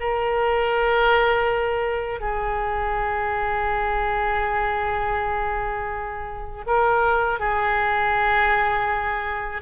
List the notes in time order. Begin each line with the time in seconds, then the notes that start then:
0.00 A#4
2.20 G#4
6.67 A#4
7.40 G#4